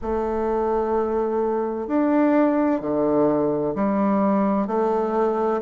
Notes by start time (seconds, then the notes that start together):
0.01 A3
1.87 D4
2.80 D3
3.75 G3
4.67 A3